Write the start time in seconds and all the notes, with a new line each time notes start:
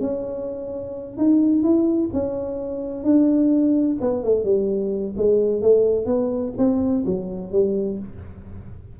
0.00 C#4
1.17 D#4
1.63 E4
2.13 C#4
3.04 D4
4.00 B3
4.23 A3
4.44 G3
5.17 G#3
5.62 A3
6.06 B3
6.58 C4
7.06 F#3
7.52 G3